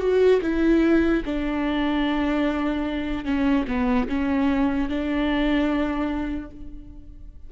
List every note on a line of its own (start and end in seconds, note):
0.00 0.41 F#4
0.41 1.22 E4
1.25 3.24 D4
3.24 3.65 C#4
3.67 4.08 B3
4.08 4.89 C#4
4.89 6.51 D4